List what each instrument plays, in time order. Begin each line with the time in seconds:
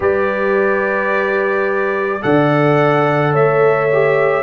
0.00 tuba G3, trombone G4, horn B4, trumpet D5
2.22 tuba D3, trombone A4, horn D5, trumpet F#5
3.32 tuba A3, horn C#5, trumpet E5
3.92 trombone G4